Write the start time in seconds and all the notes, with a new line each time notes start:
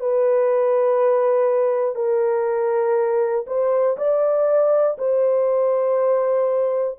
0.00 B4
1.95 A#4
3.47 C5
3.98 D5
4.99 C5